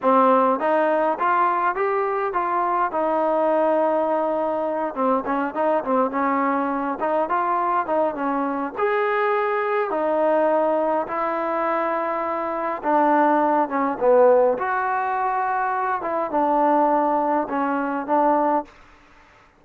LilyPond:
\new Staff \with { instrumentName = "trombone" } { \time 4/4 \tempo 4 = 103 c'4 dis'4 f'4 g'4 | f'4 dis'2.~ | dis'8 c'8 cis'8 dis'8 c'8 cis'4. | dis'8 f'4 dis'8 cis'4 gis'4~ |
gis'4 dis'2 e'4~ | e'2 d'4. cis'8 | b4 fis'2~ fis'8 e'8 | d'2 cis'4 d'4 | }